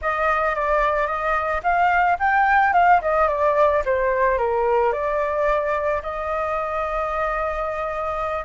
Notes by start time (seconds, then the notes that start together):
0.01 D#5
0.55 D5
1.06 D#5
1.63 F5
2.19 G5
2.73 F5
3.01 D#5
3.28 D5
3.85 C5
4.38 A#4
4.92 D5
6.02 D#5